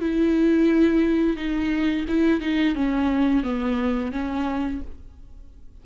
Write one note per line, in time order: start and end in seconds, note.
0.00 1.36 E4
1.36 2.05 D#4
2.08 2.41 E4
2.41 2.75 D#4
2.75 3.43 C#4
3.43 4.12 B3
4.12 4.81 C#4